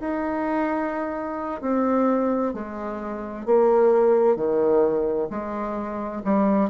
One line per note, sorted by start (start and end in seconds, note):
0.00 1.61 D#4
1.61 2.53 C4
2.53 3.45 G#3
3.45 4.36 A#3
4.36 5.28 D#3
5.30 6.22 G#3
6.24 6.69 G3